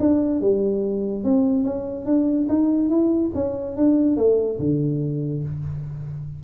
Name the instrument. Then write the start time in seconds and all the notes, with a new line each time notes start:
tuba
0.00 D4
0.41 G3
1.25 C4
1.64 C#4
2.06 D4
2.49 D#4
2.90 E4
3.35 C#4
3.77 D4
4.17 A3
4.60 D3